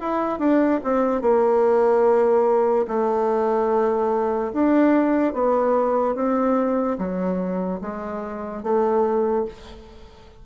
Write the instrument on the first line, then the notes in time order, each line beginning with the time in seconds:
bassoon
0.00 E4
0.39 D4
0.84 C4
1.21 A#3
2.88 A3
4.52 D4
5.33 B3
6.15 C4
6.98 F#3
7.81 G#3
8.63 A3